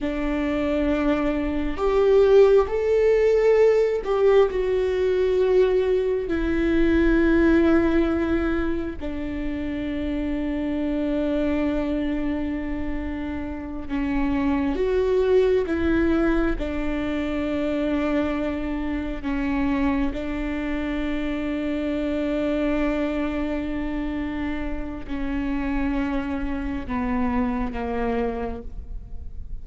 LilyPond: \new Staff \with { instrumentName = "viola" } { \time 4/4 \tempo 4 = 67 d'2 g'4 a'4~ | a'8 g'8 fis'2 e'4~ | e'2 d'2~ | d'2.~ d'8 cis'8~ |
cis'8 fis'4 e'4 d'4.~ | d'4. cis'4 d'4.~ | d'1 | cis'2 b4 ais4 | }